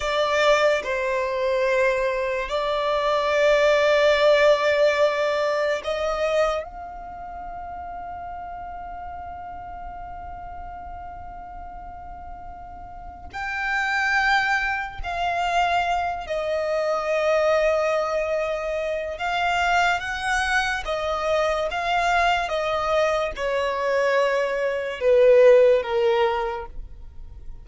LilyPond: \new Staff \with { instrumentName = "violin" } { \time 4/4 \tempo 4 = 72 d''4 c''2 d''4~ | d''2. dis''4 | f''1~ | f''1 |
g''2 f''4. dis''8~ | dis''2. f''4 | fis''4 dis''4 f''4 dis''4 | cis''2 b'4 ais'4 | }